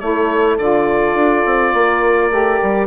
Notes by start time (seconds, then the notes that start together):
0.00 A3 E4 A4 C#5
0.58 D3 F4 D5
1.15 D4
1.46 C4
1.74 A#3 A#4
2.31 A3 G4
2.62 G3